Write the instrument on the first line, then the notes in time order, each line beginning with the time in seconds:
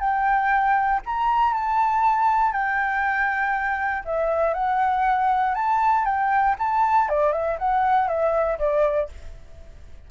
flute
0.00 G5
1.06 A#5
1.54 A5
2.53 G5
4.05 E5
4.54 F#5
5.55 A5
6.05 G5
6.59 A5
7.09 D5
7.33 E5
7.59 F#5
8.08 E5
8.59 D5